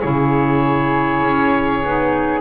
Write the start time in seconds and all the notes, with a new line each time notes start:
0.00 C#3 E4 G#4 C#5
1.22 C#4
1.83 B3 D#4